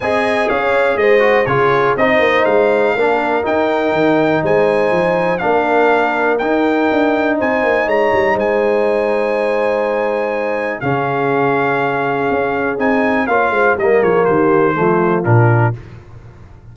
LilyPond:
<<
  \new Staff \with { instrumentName = "trumpet" } { \time 4/4 \tempo 4 = 122 gis''4 f''4 dis''4 cis''4 | dis''4 f''2 g''4~ | g''4 gis''2 f''4~ | f''4 g''2 gis''4 |
ais''4 gis''2.~ | gis''2 f''2~ | f''2 gis''4 f''4 | dis''8 cis''8 c''2 ais'4 | }
  \new Staff \with { instrumentName = "horn" } { \time 4/4 dis''4 cis''4 c''4 gis'4 | c''2 ais'2~ | ais'4 c''2 ais'4~ | ais'2. c''4 |
cis''4 c''2.~ | c''2 gis'2~ | gis'2. cis''8 c''8 | ais'8 gis'8 g'4 f'2 | }
  \new Staff \with { instrumentName = "trombone" } { \time 4/4 gis'2~ gis'8 fis'8 f'4 | dis'2 d'4 dis'4~ | dis'2. d'4~ | d'4 dis'2.~ |
dis'1~ | dis'2 cis'2~ | cis'2 dis'4 f'4 | ais2 a4 d'4 | }
  \new Staff \with { instrumentName = "tuba" } { \time 4/4 c'4 cis'4 gis4 cis4 | c'8 ais8 gis4 ais4 dis'4 | dis4 gis4 f4 ais4~ | ais4 dis'4 d'4 c'8 ais8 |
gis8 g8 gis2.~ | gis2 cis2~ | cis4 cis'4 c'4 ais8 gis8 | g8 f8 dis4 f4 ais,4 | }
>>